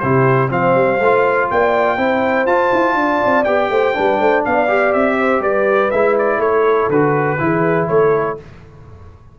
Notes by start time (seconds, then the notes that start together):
0.00 C3 E4 G4 C5
0.49 F3 C4 C5 F5
0.75 G3
1.00 A3 F4
1.51 A#3 D5 G5
1.97 C4 E4 C5
2.46 F4 A5
2.73 E4
2.95 D4 D5
3.25 C4
3.44 B3 G4 G5
3.70 A3 C5
3.94 G3 D4 B4
4.19 A3 C5
4.44 B3 D5 F5
4.68 G4
4.93 C4 E5
5.18 C5
5.40 G3 B4 D5
5.91 G#3 E4 E5
6.19 D5
6.38 A3 A4 C#5
6.90 D3 F#4 B4
7.39 E3 E4 G#4
7.88 A3 A4 C#5